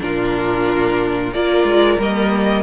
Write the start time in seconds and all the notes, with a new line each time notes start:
0.00 A#2 D4 F4 A#4
1.33 A#3 F4 A#4 D5
1.63 G#3
1.98 G3 A#3 D#5